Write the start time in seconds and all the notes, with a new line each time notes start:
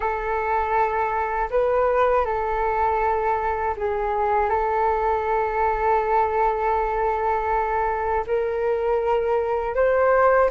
0.00 A4
1.50 B4
2.25 A4
3.77 G#4
4.49 A4
8.26 A#4
9.75 C5